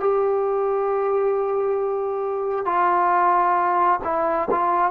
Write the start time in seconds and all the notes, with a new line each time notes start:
0.00 G4
2.65 F4
4.04 E4
4.51 F4